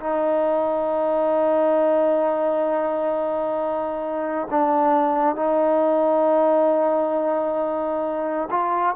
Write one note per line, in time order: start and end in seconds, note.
0.00 4.48 D#4
4.50 5.35 D4
5.35 8.49 D#4
8.50 8.95 F4